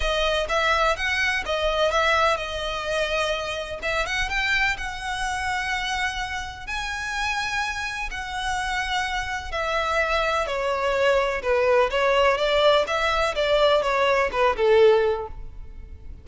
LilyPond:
\new Staff \with { instrumentName = "violin" } { \time 4/4 \tempo 4 = 126 dis''4 e''4 fis''4 dis''4 | e''4 dis''2. | e''8 fis''8 g''4 fis''2~ | fis''2 gis''2~ |
gis''4 fis''2. | e''2 cis''2 | b'4 cis''4 d''4 e''4 | d''4 cis''4 b'8 a'4. | }